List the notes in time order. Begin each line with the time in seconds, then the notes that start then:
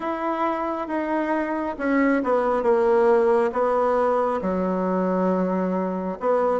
0.00 E4
0.87 D#4
1.78 C#4
2.23 B3
2.62 A#3
3.52 B3
4.41 F#3
6.20 B3